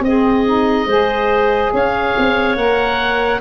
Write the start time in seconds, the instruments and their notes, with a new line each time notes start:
0.00 tuba C4, saxophone C4, oboe D#5
0.07 clarinet G#4
0.45 saxophone D#4
0.86 tuba G#3, saxophone G#4, clarinet C5
1.73 tuba C#4, clarinet C#5, oboe F5
2.17 tuba C4
2.56 tuba A#3, saxophone A#4, oboe F#5